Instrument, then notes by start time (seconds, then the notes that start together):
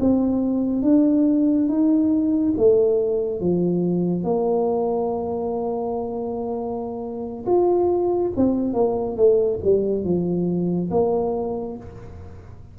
tuba
0.00 C4
0.83 D4
1.68 D#4
2.57 A3
3.41 F3
4.24 A#3
7.46 F4
8.36 C4
8.74 A#3
9.17 A3
9.64 G3
10.04 F3
10.91 A#3